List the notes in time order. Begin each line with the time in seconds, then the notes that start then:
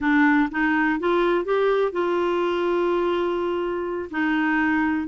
0.00 D4
0.51 D#4
0.99 F4
1.45 G4
1.92 F4
4.10 D#4